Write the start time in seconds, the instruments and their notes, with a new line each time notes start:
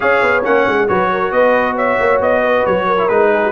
0.00 tuba C#4, trombone G#4, horn C#5, trumpet F5
0.22 tuba B3
0.43 tuba A#3, trombone C#4, trumpet F#5
0.67 tuba G#3
0.88 tuba F#3, trombone F#4, horn B4, trumpet C#5
1.12 horn A#4
1.31 tuba B3, horn B4, trumpet D#5
1.75 horn C#5, trumpet E5
1.99 tuba A#3
2.20 tuba B3, trumpet D#5
2.42 horn B4
2.65 tuba F#3, trumpet C#5
2.86 horn A#4
2.97 trombone E4
3.08 tuba G#3, trombone D#4, trumpet B4
3.32 horn G#4
3.43 horn F#4